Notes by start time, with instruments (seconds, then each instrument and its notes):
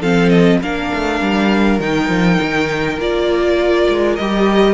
0.00 cello F3, viola C4, violin A4 F5
0.29 violin D#5
0.62 cello A#3, viola D4, violin A#4 F5
0.94 cello A3
1.21 cello G3
1.79 cello D#3, viola D#4, violin G5
2.08 cello F3
2.41 cello D#3
2.98 cello A#3, viola F4, violin D5
3.89 cello G#3
4.16 cello G3, viola G4, violin D#5